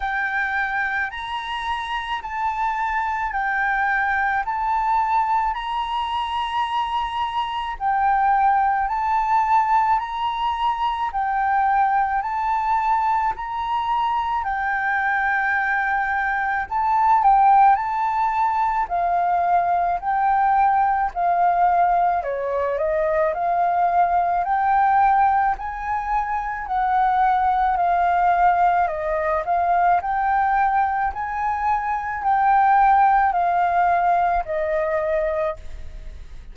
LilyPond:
\new Staff \with { instrumentName = "flute" } { \time 4/4 \tempo 4 = 54 g''4 ais''4 a''4 g''4 | a''4 ais''2 g''4 | a''4 ais''4 g''4 a''4 | ais''4 g''2 a''8 g''8 |
a''4 f''4 g''4 f''4 | cis''8 dis''8 f''4 g''4 gis''4 | fis''4 f''4 dis''8 f''8 g''4 | gis''4 g''4 f''4 dis''4 | }